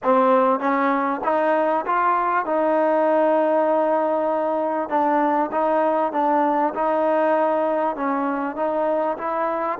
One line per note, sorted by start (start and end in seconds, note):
0.03 0.59 C4
0.59 1.21 C#4
1.24 1.85 D#4
1.86 2.45 F4
2.45 4.89 D#4
4.89 5.50 D4
5.51 6.12 D#4
6.12 6.73 D4
6.74 7.96 D#4
7.96 8.55 C#4
8.55 9.17 D#4
9.17 9.78 E4